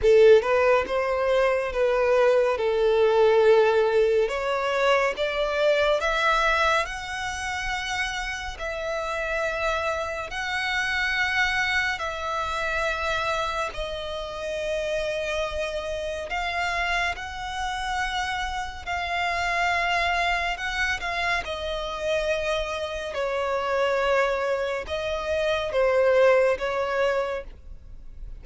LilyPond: \new Staff \with { instrumentName = "violin" } { \time 4/4 \tempo 4 = 70 a'8 b'8 c''4 b'4 a'4~ | a'4 cis''4 d''4 e''4 | fis''2 e''2 | fis''2 e''2 |
dis''2. f''4 | fis''2 f''2 | fis''8 f''8 dis''2 cis''4~ | cis''4 dis''4 c''4 cis''4 | }